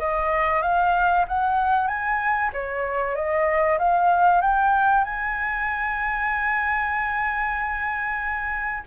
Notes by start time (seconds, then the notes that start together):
0.00 D#5
0.63 F5
1.28 F#5
1.88 G#5
2.53 C#5
3.16 D#5
3.79 F5
4.42 G5
5.05 G#5